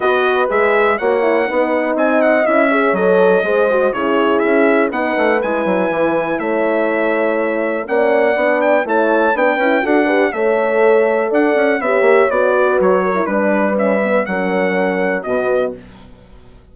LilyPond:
<<
  \new Staff \with { instrumentName = "trumpet" } { \time 4/4 \tempo 4 = 122 dis''4 e''4 fis''2 | gis''8 fis''8 e''4 dis''2 | cis''4 e''4 fis''4 gis''4~ | gis''4 e''2. |
fis''4. g''8 a''4 g''4 | fis''4 e''2 fis''4 | e''4 d''4 cis''4 b'4 | e''4 fis''2 dis''4 | }
  \new Staff \with { instrumentName = "horn" } { \time 4/4 b'2 cis''4 b'4 | dis''4. cis''4. c''4 | gis'2 b'2~ | b'4 cis''2. |
d''2 cis''4 b'4 | a'8 b'8 cis''2 d''4 | cis''4. b'4 ais'8 b'4~ | b'4 ais'2 fis'4 | }
  \new Staff \with { instrumentName = "horn" } { \time 4/4 fis'4 gis'4 fis'8 e'8 dis'4~ | dis'4 e'8 gis'8 a'4 gis'8 fis'8 | e'2 dis'4 e'4~ | e'1 |
cis'4 d'4 e'4 d'8 e'8 | fis'8 g'8 a'2. | g'4 fis'4.~ fis'16 e'16 d'4 | cis'8 b8 cis'2 b4 | }
  \new Staff \with { instrumentName = "bassoon" } { \time 4/4 b4 gis4 ais4 b4 | c'4 cis'4 fis4 gis4 | cis4 cis'4 b8 a8 gis8 fis8 | e4 a2. |
ais4 b4 a4 b8 cis'8 | d'4 a2 d'8 cis'8 | b8 ais8 b4 fis4 g4~ | g4 fis2 b,4 | }
>>